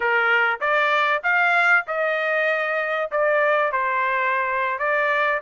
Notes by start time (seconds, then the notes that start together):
0.00 A#4
0.60 D5
1.23 F5
1.87 D#5
3.11 D5
3.72 C5
4.78 D5